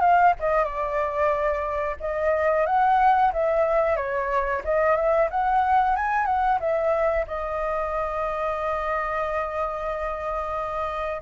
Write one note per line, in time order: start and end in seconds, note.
0.00 0.33 F5
0.39 0.64 D#5
0.64 1.96 D5
2.00 2.66 D#5
2.66 3.31 F#5
3.32 3.96 E5
3.96 4.62 C#5
4.64 4.96 D#5
4.96 5.29 E5
5.30 5.96 F#5
5.96 6.25 G#5
6.25 6.58 F#5
6.59 7.25 E5
7.27 11.21 D#5